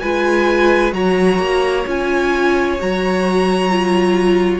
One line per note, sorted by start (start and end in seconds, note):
0.00 0.93 G#3
0.00 0.92 F4
0.00 0.94 B4
0.00 0.92 G#5
0.92 1.39 F#3
0.92 1.84 F#4
0.92 4.60 C#5
0.92 1.86 A#5
1.39 1.85 A#3
1.87 2.79 C#4
1.87 2.79 F4
1.87 2.81 G#5
2.79 4.60 F#3
2.79 3.70 F#4
2.79 4.60 A#5
3.70 4.60 F4